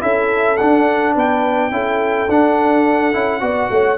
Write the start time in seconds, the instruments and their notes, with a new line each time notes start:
0.00 tuba C#4, trombone E4, horn A4, trumpet E5
0.57 trombone D4, tuba D4, trumpet F#5
1.14 tuba B3, horn B4, trumpet G5
1.72 tuba C#4, trombone E4, horn A4
2.29 tuba D4, trombone D4, trumpet F#5
3.13 tuba C#4, trombone E4
3.40 tuba B3, trombone F#4, horn D5
3.70 tuba A3, horn C#5